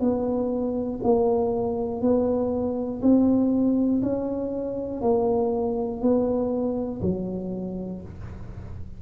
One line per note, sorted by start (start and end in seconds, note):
0.00 1.00 B3
1.03 2.01 A#3
2.01 3.01 B3
3.02 4.02 C4
4.02 5.01 C#4
5.01 6.01 A#3
6.01 7.01 B3
7.02 8.02 F#3